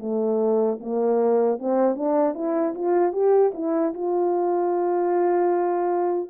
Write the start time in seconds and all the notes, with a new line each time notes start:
0.00 A3
0.80 A#3
1.59 C4
1.96 D4
2.35 E4
2.75 F4
3.13 G4
3.54 E4
3.94 F4